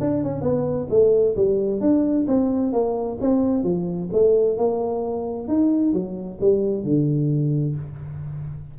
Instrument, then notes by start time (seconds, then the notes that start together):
tuba
0.00 D4
0.23 C#4
0.41 B3
0.90 A3
1.36 G3
1.80 D4
2.27 C4
2.72 A#3
3.20 C4
3.63 F3
4.12 A3
4.57 A#3
5.47 D#4
5.93 F#3
6.40 G3
6.83 D3